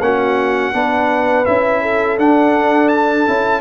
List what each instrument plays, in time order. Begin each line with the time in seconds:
0.00 tuba A#3, trombone C#4, horn F#4, trumpet F#5
0.73 tuba B3, trombone D4, horn B4
1.45 tuba C#4, trombone E4, trumpet E5
1.82 horn A4
2.18 tuba D4, trombone D4, trumpet F#5
2.88 trumpet A5
3.26 tuba C#4, trombone E4